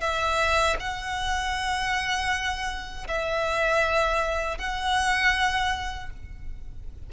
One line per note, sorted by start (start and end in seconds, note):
0.00 0.76 E5
0.79 3.07 F#5
3.07 4.57 E5
4.57 6.09 F#5